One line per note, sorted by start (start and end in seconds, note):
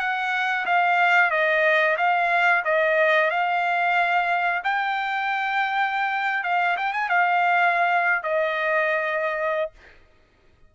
0.00 0.66 F#5
0.66 1.31 F5
1.31 1.97 D#5
1.98 2.64 F5
2.65 3.31 D#5
3.31 4.63 F5
4.64 6.44 G5
6.44 6.77 F5
6.78 6.94 G5
6.94 7.10 G#5
7.10 8.24 F5
8.24 9.72 D#5